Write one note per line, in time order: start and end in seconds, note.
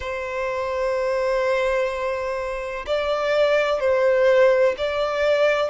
0.00 2.85 C5
2.86 3.80 D5
3.80 4.75 C5
4.77 5.70 D5